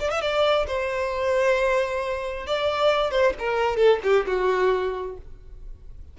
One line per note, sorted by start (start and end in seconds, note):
0.00 0.11 D5
0.11 0.22 E5
0.22 0.67 D5
0.67 2.47 C5
2.47 3.11 D5
3.11 3.34 C5
3.39 3.77 A#4
3.77 4.00 A4
4.04 4.26 G4
4.27 5.17 F#4